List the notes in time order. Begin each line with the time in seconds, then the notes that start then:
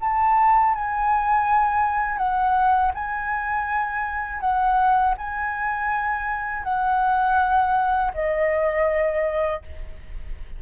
0.00 A5
0.74 G#5
2.18 F#5
2.94 G#5
4.40 F#5
5.17 G#5
6.63 F#5
8.14 D#5